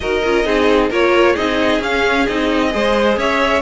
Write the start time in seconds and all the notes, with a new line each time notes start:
0.00 D#4 F#4 A#4 D#5
0.24 C#4 F4
0.45 C4 D#4 G#4
0.90 A#3 F4 A#4 C#5
1.33 C4 D#4 G#4 D#5
1.79 C#4 F5
2.26 C4 D#4 D#5
2.70 G#3 G#4 C5
3.16 C#4 C#5 E5